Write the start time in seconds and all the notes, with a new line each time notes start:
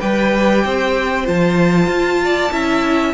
0.00 G3 G4 B4 G5
0.65 C4 C5
1.25 F3 F4 A5
1.87 F4
2.24 D5
2.51 C#4 E4 E5